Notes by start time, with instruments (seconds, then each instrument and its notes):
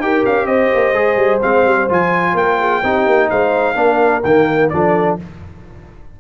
0.00 tuba D#4, trombone G4, horn A#4, trumpet G5
0.26 tuba C#4, trumpet F5
0.46 tuba C4, horn C5, trumpet D#5
0.75 tuba A#3
0.93 tuba G#3, trombone G#4
1.16 tuba G3
1.42 tuba G#3, trombone C4, trumpet F5
1.65 tuba G3
1.89 tuba F3, trombone F4, trumpet G#5
2.34 tuba A#3, horn A#4, trumpet G5
2.59 horn G#4
2.83 tuba C4, trombone D#4, horn G4
3.06 tuba A#3
3.30 tuba G#3, horn C5, trumpet F5
3.75 tuba A#3, trombone D4, horn A#4
4.24 tuba D#3, trombone A#3, trumpet G5
4.70 tuba F3, trombone D4, horn A4, trumpet D5